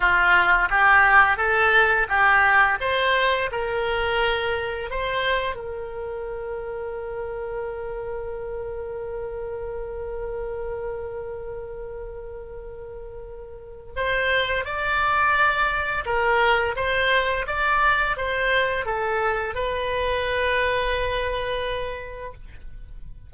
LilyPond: \new Staff \with { instrumentName = "oboe" } { \time 4/4 \tempo 4 = 86 f'4 g'4 a'4 g'4 | c''4 ais'2 c''4 | ais'1~ | ais'1~ |
ais'1 | c''4 d''2 ais'4 | c''4 d''4 c''4 a'4 | b'1 | }